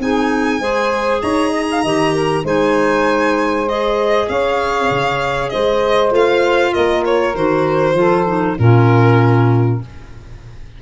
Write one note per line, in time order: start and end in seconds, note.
0.00 0.60 C4
0.00 0.61 D#4
0.00 0.61 G#4
0.00 1.22 G#5
0.60 1.22 G#3
0.60 1.84 G#4
0.60 1.21 C5
1.21 1.84 D#4
1.21 1.50 C#5
1.21 2.45 A#5
1.50 1.66 D#5
1.71 1.84 F5
1.84 2.44 D#3
1.84 2.45 G4
1.84 2.13 D#5
2.13 2.44 A#4
2.44 4.28 G#3
2.44 3.67 D#4
2.44 4.28 C5
2.44 3.69 G#5
3.69 6.11 G#4
3.69 4.29 D#5
4.29 4.90 C#4
4.29 5.52 C#5
4.29 5.50 F5
4.91 5.52 C#3
5.50 6.12 G#3
5.50 6.73 C5
5.50 6.11 D#5
6.11 6.73 A3
6.11 7.34 F4
6.11 6.74 F5
6.73 7.35 A#3
6.73 7.95 A#4
6.73 7.05 D#5
7.05 7.36 C#5
7.35 7.94 D#3
7.35 7.95 F#4
7.35 8.58 C5
7.94 8.56 F3
7.94 8.26 F4
7.94 8.58 A4
8.26 8.57 D#4
8.58 9.82 A#2
8.58 9.82 C#4
8.58 9.82 F4
8.58 9.81 A#4